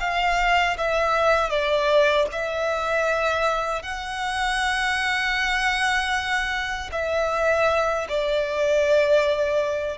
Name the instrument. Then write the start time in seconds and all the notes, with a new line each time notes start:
violin
0.00 F5
0.78 E5
1.50 D5
2.32 E5
3.83 F#5
6.92 E5
8.09 D5